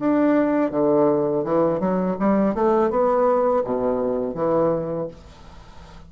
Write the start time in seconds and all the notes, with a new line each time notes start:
0.00 D4
0.72 D3
1.45 E3
1.80 F#3
2.20 G3
2.55 A3
2.91 B3
3.65 B2
4.35 E3